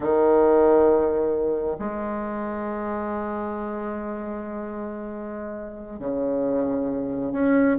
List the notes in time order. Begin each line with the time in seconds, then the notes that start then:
0.00 D#3
1.78 G#3
5.99 C#3
7.32 C#4